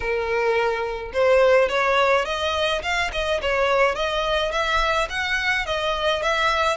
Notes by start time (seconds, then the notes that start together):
0.00 A#4
1.13 C5
1.69 C#5
2.25 D#5
2.82 F5
3.12 D#5
3.41 C#5
3.95 D#5
4.51 E5
5.09 F#5
5.66 D#5
6.22 E5